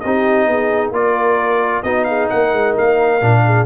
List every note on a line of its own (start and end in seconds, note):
0.00 0.47 C4
0.00 0.93 D#4
0.00 0.49 G4
0.00 0.91 D#5
0.47 0.91 B3
0.47 0.95 G#4
0.91 1.82 A#3
0.91 1.84 F4
0.91 1.84 A#4
0.91 1.83 D5
1.83 2.29 B3
1.83 3.21 D#4
1.83 2.07 F#4
1.83 2.05 D#5
2.05 2.30 G#4
2.05 2.27 F5
2.30 2.53 A#3
2.30 3.44 A#4
2.30 2.75 F#5
2.53 2.76 G#3
2.78 3.22 A#3
2.78 3.67 F5
3.22 3.67 A#2
3.22 3.67 D4
3.45 3.67 G#4